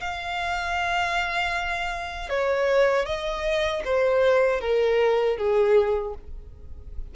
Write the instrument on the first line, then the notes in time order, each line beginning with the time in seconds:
violin
0.00 F5
2.29 C#5
3.06 D#5
3.84 C5
4.60 A#4
5.37 G#4